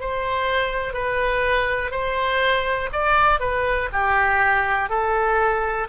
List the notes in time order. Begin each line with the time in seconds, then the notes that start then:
0.00 C5
0.93 B4
1.90 C5
2.92 D5
3.39 B4
3.92 G4
4.89 A4